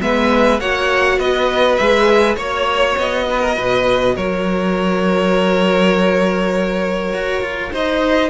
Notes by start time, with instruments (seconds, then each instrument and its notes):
0.00 cello G#3, viola B3, violin B4 E5
0.59 cello A#3, viola F#4, violin C#5 F#5
1.18 cello B3, violin B4 D#5
1.76 cello G#3, viola G#4, violin E5
2.36 cello A#3, viola F#4, violin C#5
2.97 cello B3, violin D#5
3.30 violin B4
3.41 violin A#4
3.55 cello B2, violin B4
4.15 cello F#3, violin A#4 C#5
7.13 cello F#4
7.41 cello F4
7.71 cello D#4, violin C5 D#5